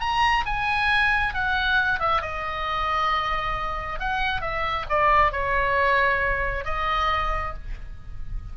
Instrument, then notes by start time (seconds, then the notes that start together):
oboe
0.00 A#5
0.45 G#5
1.34 F#5
2.00 E5
2.22 D#5
4.00 F#5
4.41 E5
4.89 D5
5.32 C#5
6.65 D#5